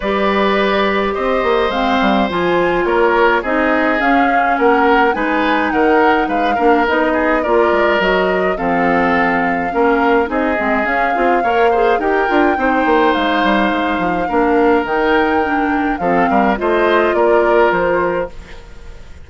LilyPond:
<<
  \new Staff \with { instrumentName = "flute" } { \time 4/4 \tempo 4 = 105 d''2 dis''4 f''4 | gis''4 cis''4 dis''4 f''4 | fis''4 gis''4 fis''4 f''4 | dis''4 d''4 dis''4 f''4~ |
f''2 dis''4 f''4~ | f''4 g''2 f''4~ | f''2 g''2 | f''4 dis''4 d''4 c''4 | }
  \new Staff \with { instrumentName = "oboe" } { \time 4/4 b'2 c''2~ | c''4 ais'4 gis'2 | ais'4 b'4 ais'4 b'8 ais'8~ | ais'8 gis'8 ais'2 a'4~ |
a'4 ais'4 gis'2 | cis''8 c''8 ais'4 c''2~ | c''4 ais'2. | a'8 ais'8 c''4 ais'2 | }
  \new Staff \with { instrumentName = "clarinet" } { \time 4/4 g'2. c'4 | f'2 dis'4 cis'4~ | cis'4 dis'2~ dis'8 d'8 | dis'4 f'4 fis'4 c'4~ |
c'4 cis'4 dis'8 c'8 cis'8 f'8 | ais'8 gis'8 g'8 f'8 dis'2~ | dis'4 d'4 dis'4 d'4 | c'4 f'2. | }
  \new Staff \with { instrumentName = "bassoon" } { \time 4/4 g2 c'8 ais8 gis8 g8 | f4 ais4 c'4 cis'4 | ais4 gis4 dis4 gis8 ais8 | b4 ais8 gis8 fis4 f4~ |
f4 ais4 c'8 gis8 cis'8 c'8 | ais4 dis'8 d'8 c'8 ais8 gis8 g8 | gis8 f8 ais4 dis2 | f8 g8 a4 ais4 f4 | }
>>